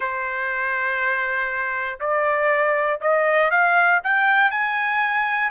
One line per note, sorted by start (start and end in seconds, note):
0.00 1.99 C5
2.00 3.00 D5
3.00 3.50 D#5
3.50 4.00 F5
4.03 4.50 G5
4.50 5.50 G#5